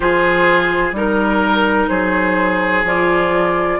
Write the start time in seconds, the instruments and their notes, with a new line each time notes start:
0.00 bassoon F3, clarinet F4, oboe G#4, flute C5
0.91 bassoon G3, clarinet D#4, oboe A#4
0.98 flute A#4
1.88 bassoon F#3, oboe G#4, flute C5
2.83 bassoon F3, clarinet F4, flute D5